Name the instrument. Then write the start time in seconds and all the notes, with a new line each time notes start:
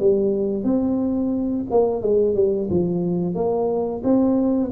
tuba
0.00 G3
0.64 C4
1.71 A#3
2.02 G#3
2.35 G3
2.70 F3
3.35 A#3
4.04 C4